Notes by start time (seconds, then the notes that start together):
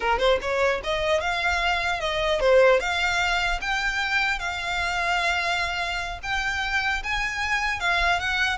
0.00 A#4
0.18 C5
0.41 C#5
0.83 D#5
1.20 F5
1.99 D#5
2.39 C5
2.80 F5
3.61 G5
4.39 F5
6.22 G5
7.03 G#5
7.79 F5
8.19 F#5